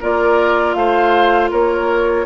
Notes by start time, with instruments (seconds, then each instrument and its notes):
0.00 bassoon A#3, clarinet F4, oboe A#4, flute D5
0.73 bassoon A3, oboe C5, flute F5
1.50 bassoon A#3, oboe A#4, flute C#5